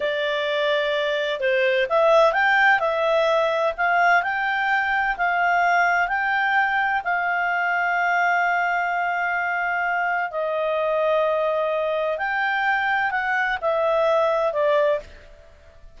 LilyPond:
\new Staff \with { instrumentName = "clarinet" } { \time 4/4 \tempo 4 = 128 d''2. c''4 | e''4 g''4 e''2 | f''4 g''2 f''4~ | f''4 g''2 f''4~ |
f''1~ | f''2 dis''2~ | dis''2 g''2 | fis''4 e''2 d''4 | }